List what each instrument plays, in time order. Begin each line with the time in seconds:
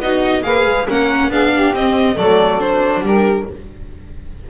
0.00 double bass B3, viola D#4, saxophone F#4, violin D#5
0.42 double bass A#3, viola G#4, saxophone B4, violin F5
0.66 double bass G#3
0.88 double bass A#3, viola C#4, saxophone A#4, violin F#5
1.29 double bass B3, viola D4, saxophone G#4, violin F5
1.54 saxophone G4
1.73 double bass C4, viola C4, violin D#5
2.15 double bass F#3, viola A3, saxophone A4, violin D5
2.59 viola D4, violin C5
3.00 double bass G3, saxophone G4
3.06 violin A#4